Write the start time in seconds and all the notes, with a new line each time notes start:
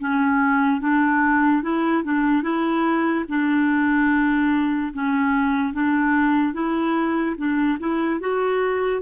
0.00 C#4
0.81 D4
1.63 E4
2.04 D4
2.43 E4
3.29 D4
4.94 C#4
5.73 D4
6.54 E4
7.37 D4
7.80 E4
8.20 F#4